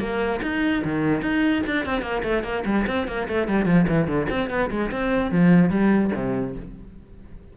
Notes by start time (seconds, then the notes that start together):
0.00 A#3
0.42 D#4
0.84 D#3
1.22 D#4
1.67 D4
1.85 C4
2.02 A#3
2.23 A3
2.44 A#3
2.65 G3
2.87 C4
3.08 A#3
3.28 A3
3.48 G3
3.66 F3
3.88 E3
4.08 D3
4.29 C4
4.50 B3
4.71 G#3
4.91 C4
5.32 F3
5.70 G3
6.15 C3